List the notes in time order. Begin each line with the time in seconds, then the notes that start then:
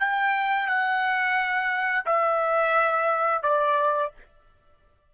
0.00 G5
0.67 F#5
2.06 E5
3.43 D5